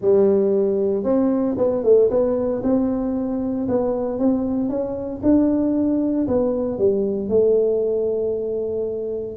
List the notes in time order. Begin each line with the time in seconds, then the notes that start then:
0.01 G3
1.03 C4
1.57 B3
1.83 A3
2.10 B3
2.63 C4
3.68 B3
4.19 C4
4.69 C#4
5.22 D4
6.28 B3
6.78 G3
7.29 A3